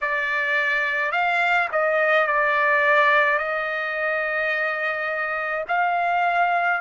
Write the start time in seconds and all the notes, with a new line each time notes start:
0.01 D5
1.11 F5
1.71 D#5
2.27 D5
3.38 D#5
5.68 F5